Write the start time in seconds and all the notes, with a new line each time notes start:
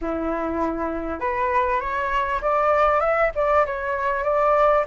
0.01 E4
1.20 B4
1.80 C#5
2.41 D5
3.00 E5
3.35 D5
3.65 C#5
4.23 D5